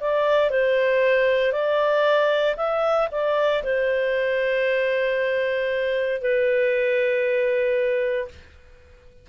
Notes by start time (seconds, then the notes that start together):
0.00 D5
0.50 C5
1.52 D5
2.56 E5
3.11 D5
3.63 C5
6.21 B4